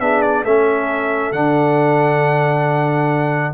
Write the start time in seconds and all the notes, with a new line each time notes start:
0.00 B3 D4 G#4 E5
0.22 D5
0.44 A3 C#4 A4 E5
1.32 D3 D4 F#5